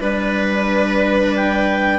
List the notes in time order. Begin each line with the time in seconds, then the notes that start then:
0.00 G3 D4 B4
1.36 G5